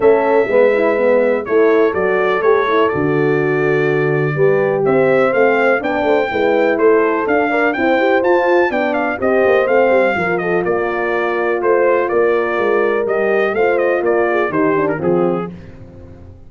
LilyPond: <<
  \new Staff \with { instrumentName = "trumpet" } { \time 4/4 \tempo 4 = 124 e''2. cis''4 | d''4 cis''4 d''2~ | d''2 e''4 f''4 | g''2 c''4 f''4 |
g''4 a''4 g''8 f''8 dis''4 | f''4. dis''8 d''2 | c''4 d''2 dis''4 | f''8 dis''8 d''4 c''8. ais'16 gis'4 | }
  \new Staff \with { instrumentName = "horn" } { \time 4/4 a'4 b'2 a'4~ | a'1~ | a'4 b'4 c''2 | d''8 c''8 b'4 a'4. d''8 |
c''2 d''4 c''4~ | c''4 ais'8 a'8 ais'2 | c''4 ais'2. | c''4 ais'8 gis'8 g'4 f'4 | }
  \new Staff \with { instrumentName = "horn" } { \time 4/4 cis'4 b8 e'8 b4 e'4 | fis'4 g'8 e'8 fis'2~ | fis'4 g'2 c'4 | d'4 e'2 d'8 ais'8 |
c'8 g'8 f'4 d'4 g'4 | c'4 f'2.~ | f'2. g'4 | f'2 dis'8 d'8 c'4 | }
  \new Staff \with { instrumentName = "tuba" } { \time 4/4 a4 gis2 a4 | fis4 a4 d2~ | d4 g4 c'4 a4 | b8 a8 gis4 a4 d'4 |
e'4 f'4 b4 c'8 ais8 | a8 g8 f4 ais2 | a4 ais4 gis4 g4 | a4 ais4 dis4 f4 | }
>>